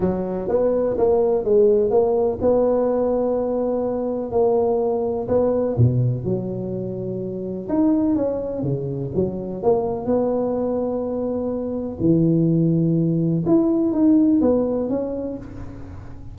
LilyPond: \new Staff \with { instrumentName = "tuba" } { \time 4/4 \tempo 4 = 125 fis4 b4 ais4 gis4 | ais4 b2.~ | b4 ais2 b4 | b,4 fis2. |
dis'4 cis'4 cis4 fis4 | ais4 b2.~ | b4 e2. | e'4 dis'4 b4 cis'4 | }